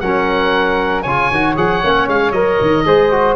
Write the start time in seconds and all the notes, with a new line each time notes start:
0.00 F#3 C#4 A#4 F#5
1.02 C#3 F4 C#5 G#5
1.30 D#3 F#4
1.56 F3 G#4 F#5
1.82 A#3 C#4
2.08 G#3 F5
2.31 F#3 A#4 D#5
2.61 D#3
2.85 G#3 G#4 C5
3.11 F#4